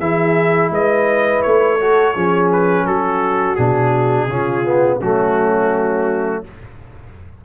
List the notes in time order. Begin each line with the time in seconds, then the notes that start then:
0.00 E3 E4 G#4 E5
0.70 G#3 B4 D#5
1.43 A3 C#5
1.79 F#4 A4
2.14 F3 C#4 G#4
2.53 B4
2.86 F#3 F#4 A4
3.56 B2 D4 G#4
4.28 C#3 C#4 F4
4.65 B3
5.00 F#3 A3 C#4 F#4